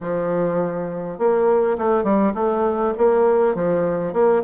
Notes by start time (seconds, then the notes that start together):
0.00 F3
1.18 A#3
1.78 A3
2.03 G3
2.34 A3
2.97 A#3
3.54 F3
4.13 A#3